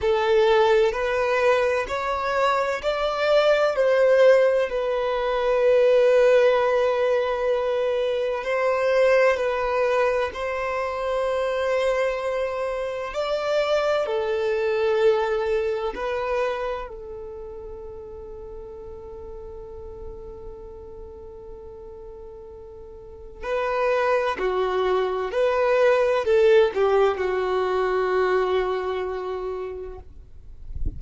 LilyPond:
\new Staff \with { instrumentName = "violin" } { \time 4/4 \tempo 4 = 64 a'4 b'4 cis''4 d''4 | c''4 b'2.~ | b'4 c''4 b'4 c''4~ | c''2 d''4 a'4~ |
a'4 b'4 a'2~ | a'1~ | a'4 b'4 fis'4 b'4 | a'8 g'8 fis'2. | }